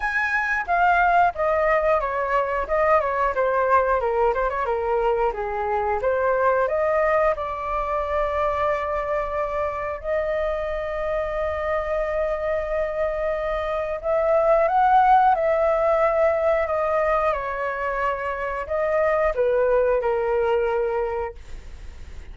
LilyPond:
\new Staff \with { instrumentName = "flute" } { \time 4/4 \tempo 4 = 90 gis''4 f''4 dis''4 cis''4 | dis''8 cis''8 c''4 ais'8 c''16 cis''16 ais'4 | gis'4 c''4 dis''4 d''4~ | d''2. dis''4~ |
dis''1~ | dis''4 e''4 fis''4 e''4~ | e''4 dis''4 cis''2 | dis''4 b'4 ais'2 | }